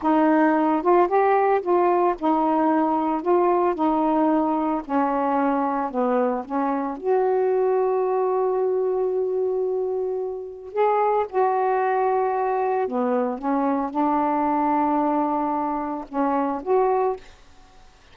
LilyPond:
\new Staff \with { instrumentName = "saxophone" } { \time 4/4 \tempo 4 = 112 dis'4. f'8 g'4 f'4 | dis'2 f'4 dis'4~ | dis'4 cis'2 b4 | cis'4 fis'2.~ |
fis'1 | gis'4 fis'2. | b4 cis'4 d'2~ | d'2 cis'4 fis'4 | }